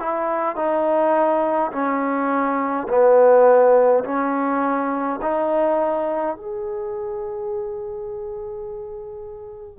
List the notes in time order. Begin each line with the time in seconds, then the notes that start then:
0.00 E4
0.56 D#4
1.73 C#4
2.89 B3
4.05 C#4
5.22 D#4
6.36 G#4